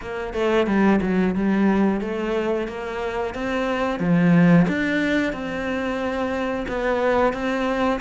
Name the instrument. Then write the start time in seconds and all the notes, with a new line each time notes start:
cello
0.02 A#3
0.33 A3
0.66 G3
1.02 F#3
1.35 G3
2.01 A3
2.67 A#3
3.34 C4
3.99 F3
4.68 D4
5.32 C4
6.68 B3
7.33 C4